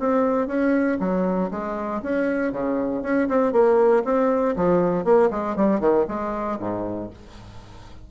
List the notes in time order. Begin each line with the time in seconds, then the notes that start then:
0.00 C4
0.48 C#4
1.00 F#3
1.51 G#3
2.03 C#4
2.53 C#3
3.03 C#4
3.29 C4
3.53 A#3
4.05 C4
4.56 F3
5.05 A#3
5.31 G#3
5.56 G3
5.81 D#3
6.09 G#3
6.60 G#2